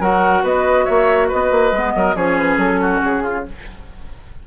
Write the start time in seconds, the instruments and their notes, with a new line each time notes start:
0.00 bassoon F#3, clarinet F#4, oboe A#4, flute F#5
0.43 bassoon B3, oboe B4, flute D#5
0.85 bassoon A#3, oboe C#5, flute E5
1.28 bassoon B3, oboe B4, flute D#5
1.51 bassoon A#3
1.72 bassoon G#3, clarinet B3
1.95 bassoon F#3, oboe A#4
2.15 bassoon F3, clarinet C#4, oboe G#4, flute C#5
2.38 flute B4
2.57 bassoon F#3, flute A4
2.81 oboe F#4
3.02 bassoon C#3, flute G#4
3.23 oboe F4